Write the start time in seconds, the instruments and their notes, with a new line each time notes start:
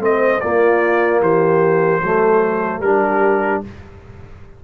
0.00 tuba A3, trombone C4, horn C5, trumpet D#5
0.41 trombone A#3, tuba A#3, horn F4, trumpet D5
1.22 tuba E3, horn G4, trumpet C5
2.02 tuba F#3, trombone A3, horn A4
2.80 tuba G3, trombone D4, horn G4, trumpet A#4